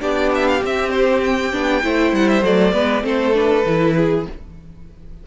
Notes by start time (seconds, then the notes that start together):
0.00 B3 D4 G4 D5
0.35 E5
0.48 F5
0.63 C4 E5
0.91 C5
1.24 G5
1.53 B3 D4
1.82 A3 E4 C5
2.12 G3 F#5
2.29 E5
2.43 F#3 A3 D5
2.73 G#3 B3 B4
3.02 A3 C4 A4 C5
3.34 D4 B4
3.66 E3 E4
3.96 G#4